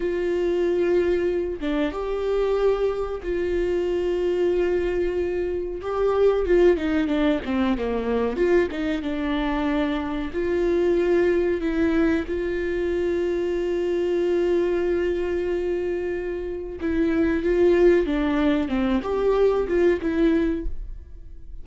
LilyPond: \new Staff \with { instrumentName = "viola" } { \time 4/4 \tempo 4 = 93 f'2~ f'8 d'8 g'4~ | g'4 f'2.~ | f'4 g'4 f'8 dis'8 d'8 c'8 | ais4 f'8 dis'8 d'2 |
f'2 e'4 f'4~ | f'1~ | f'2 e'4 f'4 | d'4 c'8 g'4 f'8 e'4 | }